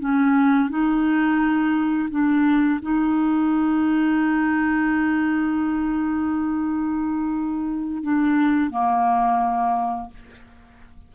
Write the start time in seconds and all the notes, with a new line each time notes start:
0.00 C#4
0.70 D#4
2.11 D4
2.82 D#4
8.03 D4
8.71 A#3